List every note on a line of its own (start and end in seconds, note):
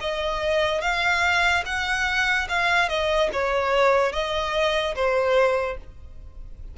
0.00 0.81 D#5
0.81 1.63 F5
1.65 2.47 F#5
2.48 2.88 F5
2.88 3.30 D#5
3.32 4.12 C#5
4.12 4.94 D#5
4.95 5.77 C5